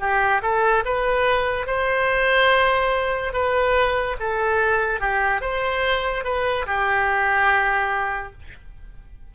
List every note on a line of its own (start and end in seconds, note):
0.00 0.42 G4
0.42 0.84 A4
0.85 1.67 B4
1.67 3.33 C5
3.33 4.17 B4
4.20 5.01 A4
5.01 5.42 G4
5.42 6.25 C5
6.25 6.66 B4
6.66 8.33 G4